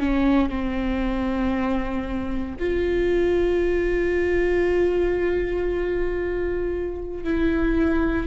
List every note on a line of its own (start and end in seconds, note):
0.00 0.50 C#4
0.50 2.57 C4
2.60 7.24 F4
7.24 8.28 E4